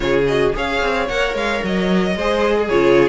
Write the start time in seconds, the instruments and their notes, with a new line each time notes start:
0.00 cello C#3, viola F4, violin G#4 C#5
0.27 viola F#4, violin D#5
0.53 cello C#4, viola G#4, violin C#5 F5
0.82 cello C4
1.08 cello A#3, viola A#4, violin F#5
1.34 cello G#3, violin F5
1.63 cello F#3, violin D#5
2.15 cello G#3, viola G#4, violin C5
2.57 violin G#4
2.68 cello C#3, viola F4, violin C#5